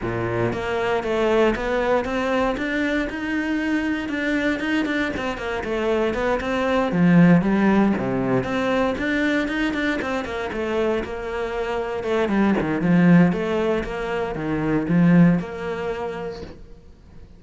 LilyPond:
\new Staff \with { instrumentName = "cello" } { \time 4/4 \tempo 4 = 117 ais,4 ais4 a4 b4 | c'4 d'4 dis'2 | d'4 dis'8 d'8 c'8 ais8 a4 | b8 c'4 f4 g4 c8~ |
c8 c'4 d'4 dis'8 d'8 c'8 | ais8 a4 ais2 a8 | g8 dis8 f4 a4 ais4 | dis4 f4 ais2 | }